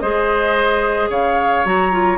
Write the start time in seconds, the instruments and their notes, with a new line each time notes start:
0.00 bassoon G#3, clarinet G#4, oboe C5, flute D#5
1.09 bassoon C#3, oboe C#5, flute F5
1.65 bassoon F#3, clarinet F#4, flute A#5
1.92 clarinet F4